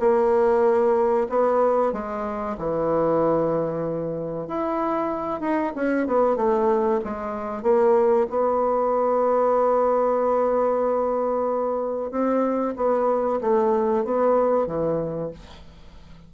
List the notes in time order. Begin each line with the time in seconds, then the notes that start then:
0.00 A#3
1.30 B3
1.93 G#3
2.58 E3
4.48 E4
5.41 D#4
5.76 C#4
6.07 B3
6.37 A3
7.04 G#3
7.63 A#3
8.30 B3
12.11 C4
12.77 B3
13.41 A3
14.05 B3
14.67 E3